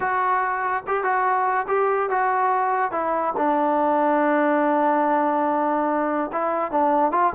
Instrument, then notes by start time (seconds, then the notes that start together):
trombone
0.00 F#4
0.87 G4
1.03 F#4
1.67 G4
2.09 F#4
2.91 E4
3.37 D4
6.32 E4
6.71 D4
7.11 F4